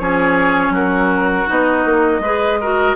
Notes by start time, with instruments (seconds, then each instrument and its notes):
0.00 bassoon F3, clarinet C#4, oboe G#4, flute C#5
0.70 bassoon F#3, oboe F#4, flute A#4
1.47 bassoon B3, clarinet D#4, flute D#5
1.85 bassoon A#3
2.20 bassoon G#3, clarinet G#4, oboe B4
2.61 clarinet F#4, oboe A#4